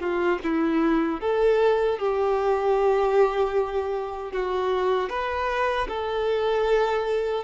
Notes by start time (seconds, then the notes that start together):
0.00 F4
0.44 E4
1.21 A4
1.99 G4
4.32 F#4
5.10 B4
5.89 A4